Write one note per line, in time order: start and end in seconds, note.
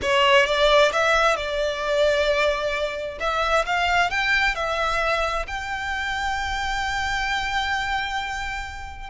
0.02 0.46 C#5
0.46 0.91 D5
0.92 1.36 E5
1.36 3.18 D5
3.19 3.65 E5
3.66 4.10 F5
4.10 4.55 G5
4.55 5.46 E5
5.47 9.09 G5